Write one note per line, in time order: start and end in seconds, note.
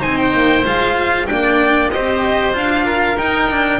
0.00 0.34 C4
0.00 0.63 D#4
0.00 1.27 C5
0.00 0.17 G#5
0.17 0.65 G5
0.34 0.65 A#3
0.64 1.29 G#3
0.64 1.27 F4
0.64 1.27 F5
1.27 1.94 A#3
1.27 1.90 D4
1.27 1.92 D5
1.27 1.90 G5
1.91 2.56 C4
1.91 2.53 G4
1.91 2.86 C5
1.91 2.55 D#5
2.53 3.17 D4
2.53 3.17 F4
2.53 3.18 F5
2.86 3.80 A#4
3.17 3.80 D#4
3.17 3.51 D#4
3.17 3.80 G5
3.51 3.80 D4